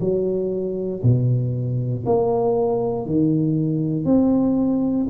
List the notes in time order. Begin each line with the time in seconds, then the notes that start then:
0.00 F#3
1.03 B2
2.06 A#3
3.06 D#3
4.05 C4